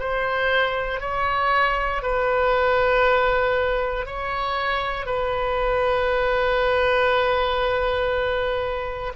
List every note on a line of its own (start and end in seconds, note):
0.00 1.01 C5
1.01 2.02 C#5
2.03 4.06 B4
4.06 5.06 C#5
5.06 9.13 B4